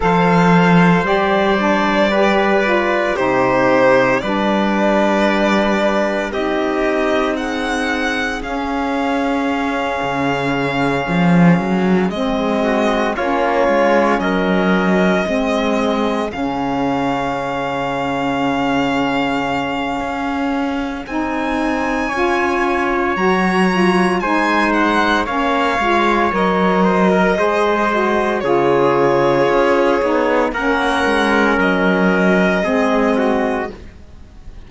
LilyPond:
<<
  \new Staff \with { instrumentName = "violin" } { \time 4/4 \tempo 4 = 57 f''4 d''2 c''4 | d''2 dis''4 fis''4 | f''2.~ f''8 dis''8~ | dis''8 cis''4 dis''2 f''8~ |
f''1 | gis''2 ais''4 gis''8 fis''8 | f''4 dis''2 cis''4~ | cis''4 fis''4 dis''2 | }
  \new Staff \with { instrumentName = "trumpet" } { \time 4/4 c''2 b'4 g'4 | b'2 g'4 gis'4~ | gis'1 | fis'8 f'4 ais'4 gis'4.~ |
gis'1~ | gis'4 cis''2 c''4 | cis''4. c''16 ais'16 c''4 gis'4~ | gis'4 ais'2 gis'8 fis'8 | }
  \new Staff \with { instrumentName = "saxophone" } { \time 4/4 a'4 g'8 d'8 g'8 f'8 dis'4 | d'2 dis'2 | cis'2.~ cis'8 c'8~ | c'8 cis'2 c'4 cis'8~ |
cis'1 | dis'4 f'4 fis'8 f'8 dis'4 | cis'8 f'8 ais'4 gis'8 fis'8 f'4~ | f'8 dis'8 cis'2 c'4 | }
  \new Staff \with { instrumentName = "cello" } { \time 4/4 f4 g2 c4 | g2 c'2 | cis'4. cis4 f8 fis8 gis8~ | gis8 ais8 gis8 fis4 gis4 cis8~ |
cis2. cis'4 | c'4 cis'4 fis4 gis4 | ais8 gis8 fis4 gis4 cis4 | cis'8 b8 ais8 gis8 fis4 gis4 | }
>>